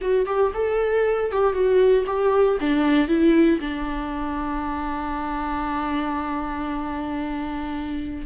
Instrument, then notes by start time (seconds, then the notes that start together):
viola
0.01 F#4
0.26 G4
0.54 A4
1.31 G4
1.53 F#4
2.06 G4
2.60 D4
3.08 E4
3.61 D4